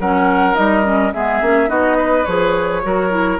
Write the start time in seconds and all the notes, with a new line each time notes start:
0.00 F#3 C#4 A#4 F#5
0.55 G3 D#4 D#5
0.83 C#4
1.13 G#3 B3 G#4 E5
1.42 A#3 C#4
1.68 B3 D#4 F#4 D#5
1.97 B4
2.25 F3 G#4 C#5
2.83 F#3 F#4 A#4
3.11 E4